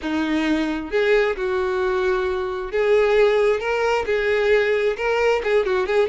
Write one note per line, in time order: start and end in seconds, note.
0.01 0.90 D#4
0.90 1.36 G#4
1.36 2.71 F#4
2.71 3.60 G#4
3.60 4.05 A#4
4.06 4.96 G#4
4.96 5.41 A#4
5.43 5.65 G#4
5.65 5.86 F#4
5.86 6.08 G#4